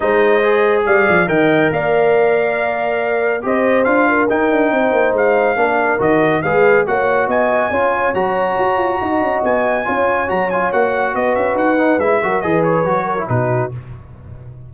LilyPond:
<<
  \new Staff \with { instrumentName = "trumpet" } { \time 4/4 \tempo 4 = 140 dis''2 f''4 g''4 | f''1 | dis''4 f''4 g''2 | f''2 dis''4 f''4 |
fis''4 gis''2 ais''4~ | ais''2 gis''2 | ais''8 gis''8 fis''4 dis''8 e''8 fis''4 | e''4 dis''8 cis''4. b'4 | }
  \new Staff \with { instrumentName = "horn" } { \time 4/4 c''2 d''4 dis''4 | d''1 | c''4. ais'4. c''4~ | c''4 ais'2 b'4 |
cis''4 dis''4 cis''2~ | cis''4 dis''2 cis''4~ | cis''2 b'2~ | b'8 ais'8 b'4. ais'8 fis'4 | }
  \new Staff \with { instrumentName = "trombone" } { \time 4/4 dis'4 gis'2 ais'4~ | ais'1 | g'4 f'4 dis'2~ | dis'4 d'4 fis'4 gis'4 |
fis'2 f'4 fis'4~ | fis'2. f'4 | fis'8 f'8 fis'2~ fis'8 dis'8 | e'8 fis'8 gis'4 fis'8. e'16 dis'4 | }
  \new Staff \with { instrumentName = "tuba" } { \time 4/4 gis2 g8 f8 dis4 | ais1 | c'4 d'4 dis'8 d'8 c'8 ais8 | gis4 ais4 dis4 gis4 |
ais4 b4 cis'4 fis4 | fis'8 f'8 dis'8 cis'8 b4 cis'4 | fis4 ais4 b8 cis'8 dis'4 | gis8 fis8 e4 fis4 b,4 | }
>>